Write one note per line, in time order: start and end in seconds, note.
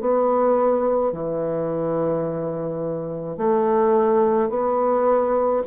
0.00 1.12 B3
1.12 3.37 E3
3.37 4.49 A3
4.49 5.62 B3